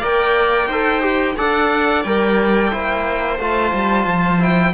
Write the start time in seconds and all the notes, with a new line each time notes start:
0.00 A#3 A#4 D5 G5
0.67 D#4 A4 C5
1.02 G4
1.37 D4 A4 D5 F#5
2.03 G3 A#4 G5
2.71 A#3 E4 C5
3.39 A3 F4 A5
3.73 G3
4.06 F3
4.39 E4 G5